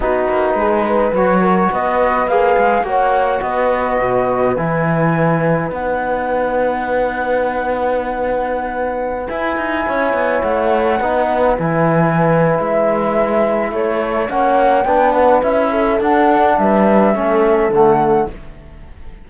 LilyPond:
<<
  \new Staff \with { instrumentName = "flute" } { \time 4/4 \tempo 4 = 105 b'2 cis''4 dis''4 | f''4 fis''4 dis''2 | gis''2 fis''2~ | fis''1~ |
fis''16 gis''2 fis''4.~ fis''16~ | fis''16 gis''4.~ gis''16 e''2 | cis''4 fis''4 g''8 fis''8 e''4 | fis''4 e''2 fis''4 | }
  \new Staff \with { instrumentName = "horn" } { \time 4/4 fis'4 gis'8 b'4 ais'8 b'4~ | b'4 cis''4 b'2~ | b'1~ | b'1~ |
b'4~ b'16 cis''2 b'8.~ | b'1 | a'4 cis''4 b'4. a'8~ | a'4 b'4 a'2 | }
  \new Staff \with { instrumentName = "trombone" } { \time 4/4 dis'2 fis'2 | gis'4 fis'2. | e'2 dis'2~ | dis'1~ |
dis'16 e'2. dis'8.~ | dis'16 e'2.~ e'8.~ | e'4 cis'4 d'4 e'4 | d'2 cis'4 a4 | }
  \new Staff \with { instrumentName = "cello" } { \time 4/4 b8 ais8 gis4 fis4 b4 | ais8 gis8 ais4 b4 b,4 | e2 b2~ | b1~ |
b16 e'8 dis'8 cis'8 b8 a4 b8.~ | b16 e4.~ e16 gis2 | a4 ais4 b4 cis'4 | d'4 g4 a4 d4 | }
>>